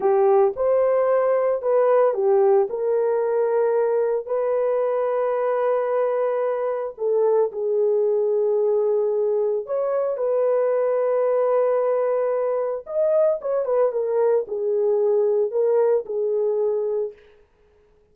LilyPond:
\new Staff \with { instrumentName = "horn" } { \time 4/4 \tempo 4 = 112 g'4 c''2 b'4 | g'4 ais'2. | b'1~ | b'4 a'4 gis'2~ |
gis'2 cis''4 b'4~ | b'1 | dis''4 cis''8 b'8 ais'4 gis'4~ | gis'4 ais'4 gis'2 | }